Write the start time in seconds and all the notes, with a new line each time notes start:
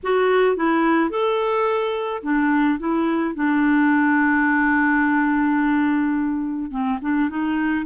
0.03 F#4
0.56 E4
1.10 A4
2.23 D4
2.79 E4
3.35 D4
6.71 C4
7.01 D4
7.29 D#4